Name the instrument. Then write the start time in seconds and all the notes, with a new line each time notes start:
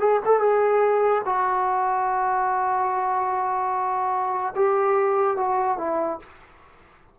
trombone
0.00 G#4
0.25 A4
0.40 G#4
1.25 F#4
4.56 G4
5.37 F#4
5.78 E4